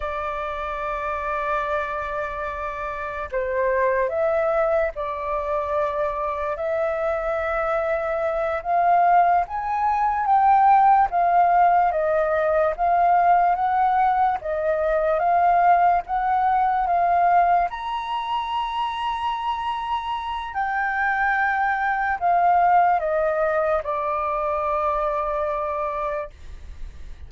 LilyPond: \new Staff \with { instrumentName = "flute" } { \time 4/4 \tempo 4 = 73 d''1 | c''4 e''4 d''2 | e''2~ e''8 f''4 gis''8~ | gis''8 g''4 f''4 dis''4 f''8~ |
f''8 fis''4 dis''4 f''4 fis''8~ | fis''8 f''4 ais''2~ ais''8~ | ais''4 g''2 f''4 | dis''4 d''2. | }